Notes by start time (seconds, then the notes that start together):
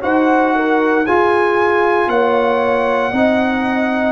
0.00 D#4 F#4 C5 F#5
0.55 A#4
1.05 F4 G#4 G#5
2.07 A#3 C#5 F#5
3.11 C4 D#4 D#5